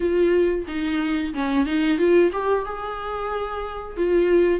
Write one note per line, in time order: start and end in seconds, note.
0.00 0.65 F4
0.67 1.33 D#4
1.34 1.66 C#4
1.66 1.98 D#4
1.98 2.31 F4
2.32 2.65 G4
2.65 3.97 G#4
3.97 4.60 F4